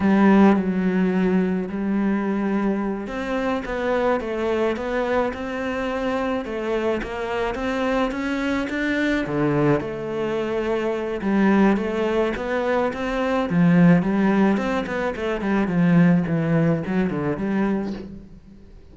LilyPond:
\new Staff \with { instrumentName = "cello" } { \time 4/4 \tempo 4 = 107 g4 fis2 g4~ | g4. c'4 b4 a8~ | a8 b4 c'2 a8~ | a8 ais4 c'4 cis'4 d'8~ |
d'8 d4 a2~ a8 | g4 a4 b4 c'4 | f4 g4 c'8 b8 a8 g8 | f4 e4 fis8 d8 g4 | }